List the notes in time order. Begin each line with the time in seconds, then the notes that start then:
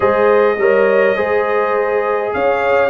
0.00 G#3 G#4 C5 D#5
0.58 G3 A#4 C#5
1.16 G#3 G#4 C5
2.33 C#4 C#5 F5